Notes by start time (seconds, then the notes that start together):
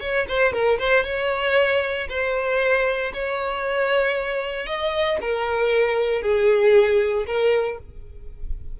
0.00 C#5
0.28 C5
0.53 A#4
0.79 C5
1.04 C#5
2.09 C5
3.13 C#5
4.66 D#5
5.21 A#4
6.22 G#4
7.26 A#4